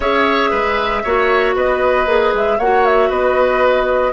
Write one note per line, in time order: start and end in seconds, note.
0.00 0.51 C#4
0.00 1.04 G#4
0.00 0.50 C#5
0.00 1.54 E5
0.50 1.03 G#3
0.50 1.02 B4
1.03 1.55 A#3
1.03 2.06 F#4
1.03 1.55 C#5
1.55 2.06 B3
1.55 2.58 B4
1.55 2.34 D#5
2.06 2.32 A#3
2.06 2.58 G#4
2.33 2.59 G#3
2.33 2.59 E5
2.58 3.10 A#3
2.58 4.12 F#4
2.58 3.09 C#5
2.58 2.85 F#5
2.85 3.11 E5
3.09 4.12 B3
3.09 4.12 B4
3.09 4.12 D#5